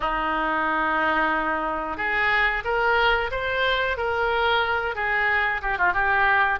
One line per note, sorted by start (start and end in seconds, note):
0.00 1.97 D#4
1.97 2.63 G#4
2.64 3.30 A#4
3.31 3.97 C5
3.97 4.95 A#4
4.95 5.61 G#4
5.62 5.78 G4
5.78 5.93 F4
5.93 6.59 G4